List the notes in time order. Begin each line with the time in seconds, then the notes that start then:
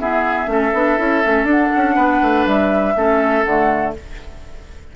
0.00 B3 E4 G#4 E5
0.47 A3 C#4 A4
0.74 B3 D4
0.98 C#4 E4
1.23 A3 C#4
1.44 D4 F#5
1.77 C#4
1.96 B3 B4
2.22 A3
2.47 G3 E5
2.96 A3 C#4 A4
3.44 D3 A3 F#5